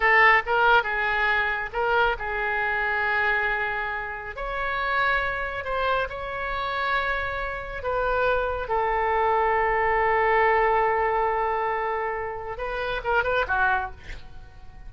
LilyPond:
\new Staff \with { instrumentName = "oboe" } { \time 4/4 \tempo 4 = 138 a'4 ais'4 gis'2 | ais'4 gis'2.~ | gis'2 cis''2~ | cis''4 c''4 cis''2~ |
cis''2 b'2 | a'1~ | a'1~ | a'4 b'4 ais'8 b'8 fis'4 | }